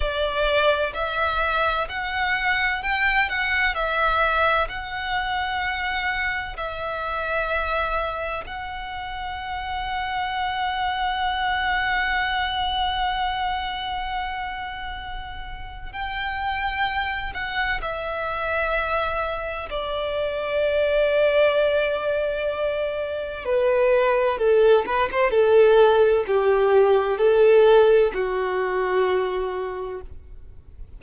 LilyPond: \new Staff \with { instrumentName = "violin" } { \time 4/4 \tempo 4 = 64 d''4 e''4 fis''4 g''8 fis''8 | e''4 fis''2 e''4~ | e''4 fis''2.~ | fis''1~ |
fis''4 g''4. fis''8 e''4~ | e''4 d''2.~ | d''4 b'4 a'8 b'16 c''16 a'4 | g'4 a'4 fis'2 | }